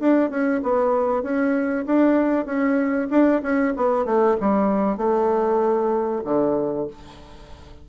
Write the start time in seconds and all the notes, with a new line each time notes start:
0.00 D4
0.30 C#4
0.63 B3
1.23 C#4
1.87 D4
2.46 C#4
3.11 D4
3.43 C#4
3.77 B3
4.06 A3
4.41 G3
4.98 A3
6.25 D3